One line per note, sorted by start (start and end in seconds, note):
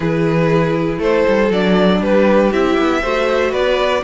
0.00 0.98 E3
0.00 1.51 E4
0.00 0.99 G#4
0.00 1.00 B4
0.98 1.23 A3
0.98 2.00 A4
0.98 1.52 C5
1.27 1.50 G3
1.50 2.00 F#3
1.50 2.52 D4
1.50 2.02 D5
2.01 2.51 G3
2.01 3.01 G4
2.01 2.52 B4
2.52 2.77 C4
2.52 3.02 E4
2.52 3.53 E5
2.78 3.03 B3
3.01 3.53 A3
3.01 4.03 F#4
3.01 3.51 C5
3.51 4.03 B3
3.51 4.01 B4
3.51 4.03 D5